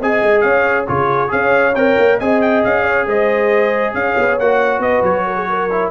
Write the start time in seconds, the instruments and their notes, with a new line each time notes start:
0.00 tuba C4, trombone G#4, horn D#5, trumpet G#5
0.23 tuba G#3
0.41 tuba C#4, horn C#5, trumpet F5
0.88 tuba C#3, trombone F4, horn G#4, trumpet C#5
1.29 tuba C#4, trombone G#4, horn C#5, trumpet F5
1.75 tuba C4, trombone A#4, trumpet G5
1.99 tuba A#3
2.19 tuba C4, trombone G#4, horn D#5, trumpet G#5
2.42 trumpet G5
2.64 tuba C#4, trumpet F5
2.84 horn C#5
3.06 tuba G#3, horn C5, trumpet D#5
3.94 tuba C#4, trumpet F5
4.00 horn C#5
4.18 tuba B3
4.39 tuba A#3, trombone F#4, trumpet F#5
4.79 tuba B3, horn B4, trumpet D#5
5.03 tuba F#3, trumpet C#5
5.27 horn A#4
5.37 horn G#4
5.50 horn A#4
5.71 trombone E4